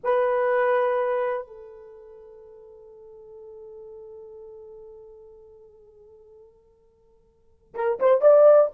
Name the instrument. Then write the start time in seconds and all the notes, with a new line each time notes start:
horn
0.03 B4
1.47 A4
7.74 A#4
7.99 C5
8.21 D5